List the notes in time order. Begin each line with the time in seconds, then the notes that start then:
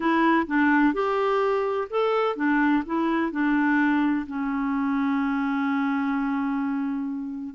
0.00 E4
0.46 D4
0.93 G4
1.90 A4
2.36 D4
2.86 E4
3.31 D4
4.26 C#4